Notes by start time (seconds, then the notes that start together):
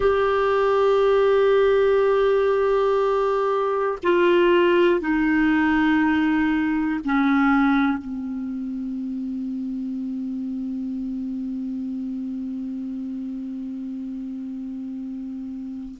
0.00 G4
4.03 F4
5.00 D#4
7.04 C#4
7.97 C4